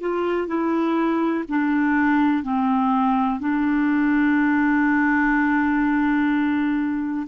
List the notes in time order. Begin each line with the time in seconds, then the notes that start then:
0.00 F4
0.47 E4
1.48 D4
2.43 C4
3.40 D4